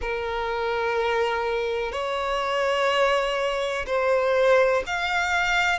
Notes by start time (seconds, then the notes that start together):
0.00 A#4
1.92 C#5
3.86 C5
4.86 F5